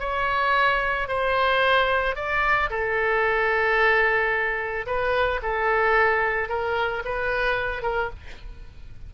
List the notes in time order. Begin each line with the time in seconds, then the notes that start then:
0.00 C#5
1.08 C5
2.16 D5
2.70 A4
4.86 B4
5.43 A4
6.49 A#4
7.05 B4
7.83 A#4